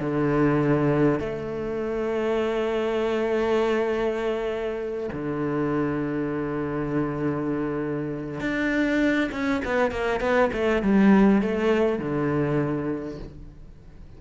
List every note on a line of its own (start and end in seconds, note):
0.00 1.20 D3
1.20 5.10 A3
5.12 8.41 D3
8.41 9.31 D4
9.32 9.62 C#4
9.65 9.91 B3
9.91 10.21 A#3
10.21 10.51 B3
10.53 10.83 A3
10.83 11.42 G3
11.42 11.99 A3
11.99 13.19 D3